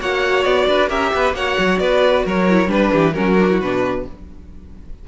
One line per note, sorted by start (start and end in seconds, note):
0.00 0.45 A#3
0.00 0.89 F#4
0.00 0.68 C#5
0.00 0.44 F#5
0.44 0.68 B3
0.44 0.89 D5
0.68 0.90 D4
0.68 0.90 B4
0.89 1.13 C#4
0.89 1.34 G4
0.89 1.12 A#4
0.89 1.35 E5
1.15 1.34 B3
1.15 1.36 B4
1.34 1.57 A#3
1.34 2.49 F#4
1.34 1.81 C#5
1.34 1.79 F#5
1.59 1.80 F#3
1.79 2.25 B3
1.79 2.25 B4
1.79 2.24 D5
2.25 2.68 F#3
2.25 2.70 A#4
2.25 2.71 C#5
2.49 2.68 E4
2.68 2.91 G3
2.68 3.13 D4
2.68 3.14 B4
2.68 2.93 B4
2.93 3.17 E3
2.93 3.16 G4
3.14 3.61 F#3
3.14 3.38 C#4
3.14 4.06 F#4
3.14 3.59 A#4
3.40 3.51 D4
3.51 3.62 E4
3.61 4.06 B2
3.61 4.08 D4
3.61 4.06 B4